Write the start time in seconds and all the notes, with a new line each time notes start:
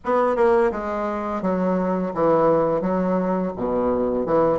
0.04 B3
0.35 A#3
0.71 G#3
1.41 F#3
2.14 E3
2.81 F#3
3.56 B2
4.25 E3